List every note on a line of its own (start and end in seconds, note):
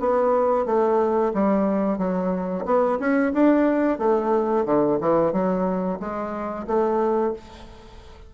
0.00 0.66 B3
0.66 1.33 A3
1.34 1.98 G3
1.98 2.65 F#3
2.66 2.99 B3
3.00 3.33 C#4
3.34 3.99 D4
3.99 4.65 A3
4.66 4.99 D3
5.01 5.33 E3
5.33 6.00 F#3
6.00 6.67 G#3
6.67 7.34 A3